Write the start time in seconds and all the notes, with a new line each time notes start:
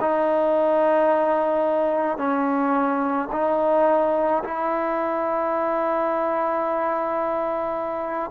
0.00 D#4
2.17 C#4
3.31 D#4
4.43 E4